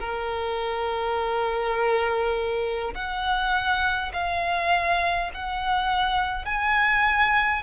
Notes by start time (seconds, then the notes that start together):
0.00 A#4
2.95 F#5
4.13 F5
5.34 F#5
6.45 G#5